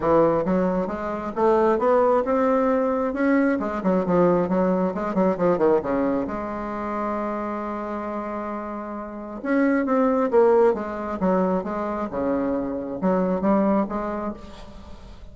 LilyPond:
\new Staff \with { instrumentName = "bassoon" } { \time 4/4 \tempo 4 = 134 e4 fis4 gis4 a4 | b4 c'2 cis'4 | gis8 fis8 f4 fis4 gis8 fis8 | f8 dis8 cis4 gis2~ |
gis1~ | gis4 cis'4 c'4 ais4 | gis4 fis4 gis4 cis4~ | cis4 fis4 g4 gis4 | }